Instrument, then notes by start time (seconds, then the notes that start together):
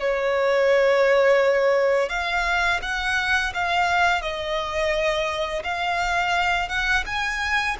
violin
0.00 C#5
2.09 F5
2.82 F#5
3.54 F5
4.22 D#5
5.63 F5
6.69 F#5
7.06 G#5